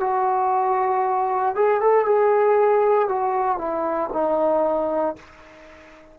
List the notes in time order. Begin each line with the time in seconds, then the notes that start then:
0.00 F#4
1.55 G#4
1.81 A4
2.06 G#4
3.08 F#4
3.58 E4
4.13 D#4